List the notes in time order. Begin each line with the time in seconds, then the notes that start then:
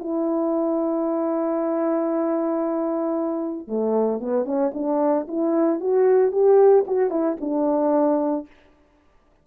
0.00 E4
3.68 A3
4.21 B3
4.45 C#4
4.74 D4
5.28 E4
5.81 F#4
6.32 G4
6.87 F#4
7.11 E4
7.41 D4